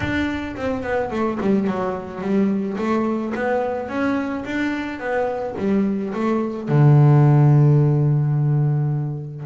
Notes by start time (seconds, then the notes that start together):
0.00 D4
0.56 C4
0.82 B3
1.10 A3
1.40 G3
1.67 F#3
2.21 G3
2.77 A3
3.35 B3
3.88 C#4
4.45 D4
4.99 B3
5.58 G3
6.14 A3
6.68 D3